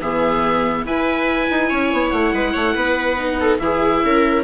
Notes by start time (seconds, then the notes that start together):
0.00 E3 B3 G#4 E5
0.84 E4 B4 G#5
1.50 D#4
1.69 C#4 C#5
1.92 B3
2.10 A3 F#5
2.33 G#3 B4
2.53 A3 C#5
2.75 B3 B4
3.17 D#4
3.40 A4
3.58 E3 E4 G#4 E5
4.04 C#4 A#4